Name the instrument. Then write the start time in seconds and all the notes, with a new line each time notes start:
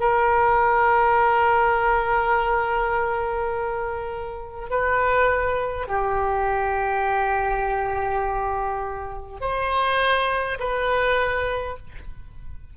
oboe
0.00 A#4
4.71 B4
5.88 G4
9.41 C5
10.60 B4